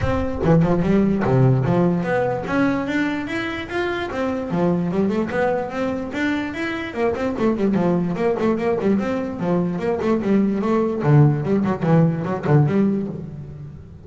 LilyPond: \new Staff \with { instrumentName = "double bass" } { \time 4/4 \tempo 4 = 147 c'4 e8 f8 g4 c4 | f4 b4 cis'4 d'4 | e'4 f'4 c'4 f4 | g8 a8 b4 c'4 d'4 |
e'4 ais8 c'8 a8 g8 f4 | ais8 a8 ais8 g8 c'4 f4 | ais8 a8 g4 a4 d4 | g8 fis8 e4 fis8 d8 g4 | }